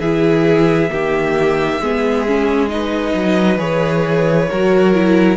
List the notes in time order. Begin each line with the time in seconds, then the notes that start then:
0.00 E3 E4 G#4 E5
0.89 D#3 A#3 G4
1.80 G#3 B3 G#4
2.27 C#4
2.69 D#4 B4 D#5
3.14 F#3
3.58 E3 G#4 C#5
4.50 F#3 F#4 A#4
4.94 E4